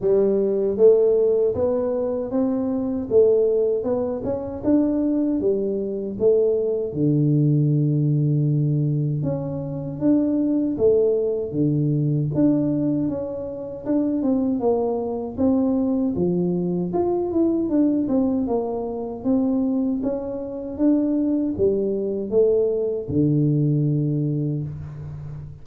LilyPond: \new Staff \with { instrumentName = "tuba" } { \time 4/4 \tempo 4 = 78 g4 a4 b4 c'4 | a4 b8 cis'8 d'4 g4 | a4 d2. | cis'4 d'4 a4 d4 |
d'4 cis'4 d'8 c'8 ais4 | c'4 f4 f'8 e'8 d'8 c'8 | ais4 c'4 cis'4 d'4 | g4 a4 d2 | }